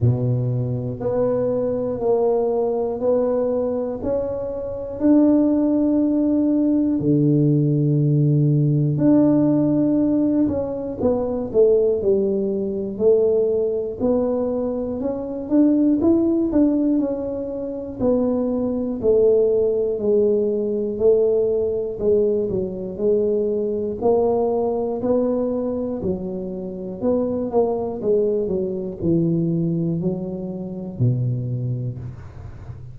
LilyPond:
\new Staff \with { instrumentName = "tuba" } { \time 4/4 \tempo 4 = 60 b,4 b4 ais4 b4 | cis'4 d'2 d4~ | d4 d'4. cis'8 b8 a8 | g4 a4 b4 cis'8 d'8 |
e'8 d'8 cis'4 b4 a4 | gis4 a4 gis8 fis8 gis4 | ais4 b4 fis4 b8 ais8 | gis8 fis8 e4 fis4 b,4 | }